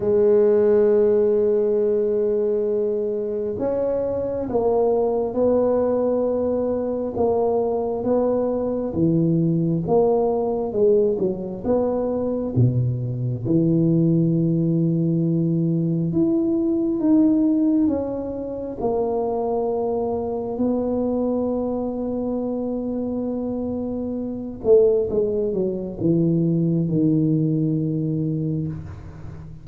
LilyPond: \new Staff \with { instrumentName = "tuba" } { \time 4/4 \tempo 4 = 67 gis1 | cis'4 ais4 b2 | ais4 b4 e4 ais4 | gis8 fis8 b4 b,4 e4~ |
e2 e'4 dis'4 | cis'4 ais2 b4~ | b2.~ b8 a8 | gis8 fis8 e4 dis2 | }